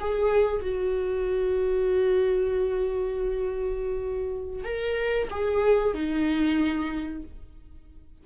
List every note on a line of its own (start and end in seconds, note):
0.00 0.61 G#4
0.61 4.64 F#4
4.64 5.28 A#4
5.30 5.94 G#4
5.94 7.23 D#4